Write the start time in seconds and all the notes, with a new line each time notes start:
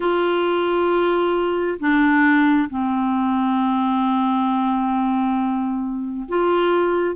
0.00 F4
1.79 D4
2.69 C4
6.28 F4